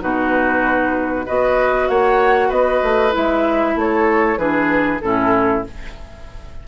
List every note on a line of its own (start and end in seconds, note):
0.00 1.27 B2
0.00 1.25 D#4
0.00 1.25 F#4
0.00 1.27 B4
1.25 1.89 B3
1.25 3.11 F#4
1.25 1.88 B4
1.25 1.88 D#5
1.88 2.50 A#3
1.88 2.48 C#5
1.88 2.51 F#5
2.48 2.81 B3
2.48 3.73 B4
2.48 3.13 D#5
2.83 3.14 A3
3.11 3.75 G#3
3.11 4.36 E4
3.11 3.79 E5
3.75 4.37 A3
3.75 4.39 A4
3.75 4.38 C#5
4.37 5.00 E3
4.37 5.01 D4
4.37 5.01 G#4
4.37 5.00 B4
5.01 5.65 A2
5.01 5.64 C#4
5.01 5.68 E4
5.01 5.63 A4